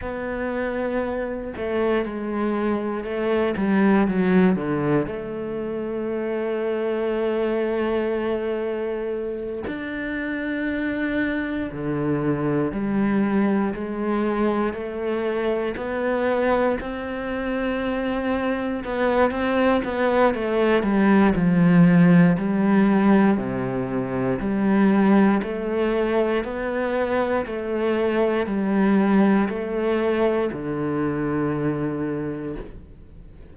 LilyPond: \new Staff \with { instrumentName = "cello" } { \time 4/4 \tempo 4 = 59 b4. a8 gis4 a8 g8 | fis8 d8 a2.~ | a4. d'2 d8~ | d8 g4 gis4 a4 b8~ |
b8 c'2 b8 c'8 b8 | a8 g8 f4 g4 c4 | g4 a4 b4 a4 | g4 a4 d2 | }